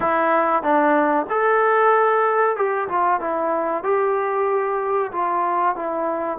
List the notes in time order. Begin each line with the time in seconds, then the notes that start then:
0.00 E4
0.62 D4
1.29 A4
2.56 G4
2.88 F4
3.20 E4
3.83 G4
5.12 F4
5.75 E4